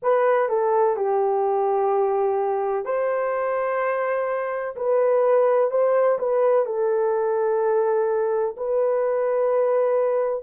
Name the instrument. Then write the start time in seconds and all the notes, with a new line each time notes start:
horn
0.02 B4
0.48 A4
0.96 G4
2.85 C5
4.76 B4
5.71 C5
6.19 B4
6.65 A4
8.56 B4